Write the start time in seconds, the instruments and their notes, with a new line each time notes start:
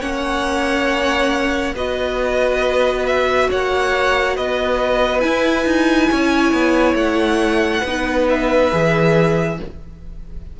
0.00 cello A#3, viola C#4, violin C#5 F#5
1.75 cello B3, viola F#4, violin B4 D#5
3.06 violin E5
3.49 cello A#3, violin C#5 F#5
4.36 cello B3, violin B4 D#5
5.20 viola E4, cello E4, violin G#5
5.65 cello D#4
6.11 cello C#4, violin C#5
6.53 cello B3
6.94 cello A3, violin F#5
7.81 cello B3, violin B4
7.87 viola D#4
8.29 violin E5
8.72 cello E3, viola G#4